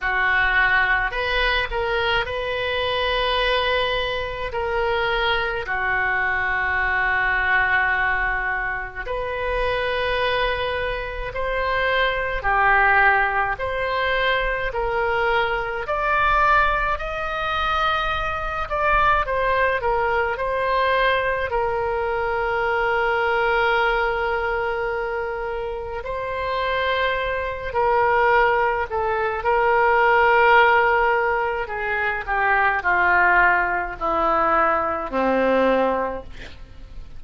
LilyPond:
\new Staff \with { instrumentName = "oboe" } { \time 4/4 \tempo 4 = 53 fis'4 b'8 ais'8 b'2 | ais'4 fis'2. | b'2 c''4 g'4 | c''4 ais'4 d''4 dis''4~ |
dis''8 d''8 c''8 ais'8 c''4 ais'4~ | ais'2. c''4~ | c''8 ais'4 a'8 ais'2 | gis'8 g'8 f'4 e'4 c'4 | }